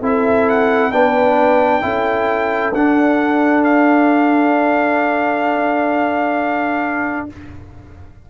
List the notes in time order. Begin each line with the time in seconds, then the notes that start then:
0.00 C4 E4 A4 E5
0.49 F#5
0.92 B3 D4 B4 G5
1.81 C#4 E4 A4
2.73 D4 F#5
3.63 F5